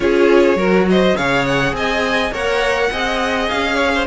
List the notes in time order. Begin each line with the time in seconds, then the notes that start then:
0.00 C#4 F4 G#4 C#5
0.55 F#3 F#4 A#4
0.89 C5 D#5
1.16 C#3 G#4 C#5 F5
1.45 F#5
1.72 C4 D#5 G#5
2.31 A#3 A#4 C#5 F#5
2.91 C4 G#4 D#5
3.48 C#4 F5
3.75 C#5
3.94 C5